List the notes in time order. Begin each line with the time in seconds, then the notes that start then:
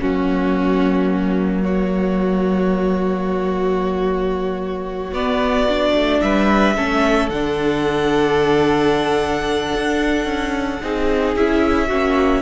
0.00 F#3 A#3 C#4 F#4
1.62 F#4 C#5
5.11 B3 D5
5.68 D4
5.94 A3
6.21 G3 B4 E5
6.76 A3 C#4 A4
7.29 D3 D4 F#5
9.74 D4
10.25 C#4
10.81 C4 D#4 G#4
11.35 C#4 E4 E5
11.87 A#3 C#4 F#4